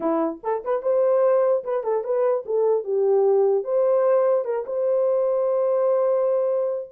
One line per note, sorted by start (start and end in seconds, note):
0.00 0.40 E4
0.43 0.63 A4
0.64 0.82 B4
0.82 1.63 C5
1.63 1.83 B4
1.83 2.04 A4
2.04 2.44 B4
2.45 2.83 A4
2.83 3.64 G4
3.64 4.44 C5
4.44 4.65 A#4
4.66 6.89 C5